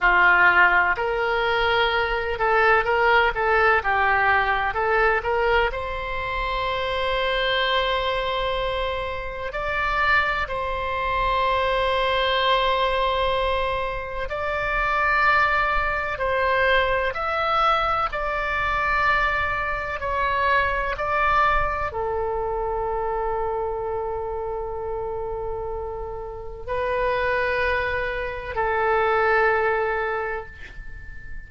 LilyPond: \new Staff \with { instrumentName = "oboe" } { \time 4/4 \tempo 4 = 63 f'4 ais'4. a'8 ais'8 a'8 | g'4 a'8 ais'8 c''2~ | c''2 d''4 c''4~ | c''2. d''4~ |
d''4 c''4 e''4 d''4~ | d''4 cis''4 d''4 a'4~ | a'1 | b'2 a'2 | }